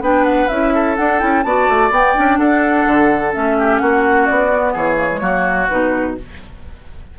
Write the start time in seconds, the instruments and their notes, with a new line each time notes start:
0.00 bassoon B3, clarinet D4, oboe B4, flute G5
0.24 flute F#5
0.48 bassoon C#4, clarinet E4, flute E5
0.74 oboe A4
0.96 clarinet D4, bassoon D4, flute F#5
1.19 bassoon C#4, clarinet E4, flute G5
1.43 bassoon B3, clarinet F#4, oboe D5, flute A5
1.68 bassoon A3
1.90 bassoon B3, clarinet B3, flute G5
2.14 bassoon C#4, clarinet D4
2.38 bassoon D4, oboe A4, flute F#5
2.86 bassoon D3
3.31 bassoon A3, clarinet C#4, flute E5
3.58 oboe G4
3.78 bassoon A#3, oboe F#4, flute F#5
4.26 bassoon B3, flute D5
4.52 clarinet B3
4.73 bassoon E3, oboe G#4, flute C#5
4.96 clarinet A#3
5.11 clarinet G#3
5.20 bassoon F#3, clarinet A#3, oboe F#4
5.68 bassoon B2, clarinet D#4, flute B4